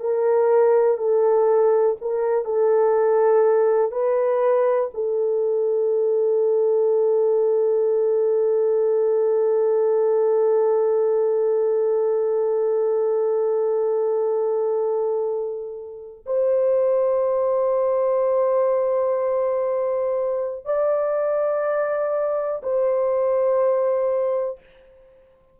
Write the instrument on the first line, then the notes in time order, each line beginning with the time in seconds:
horn
0.00 A#4
0.97 A4
2.01 A#4
2.45 A4
3.92 B4
4.94 A4
16.26 C5
20.65 D5
22.63 C5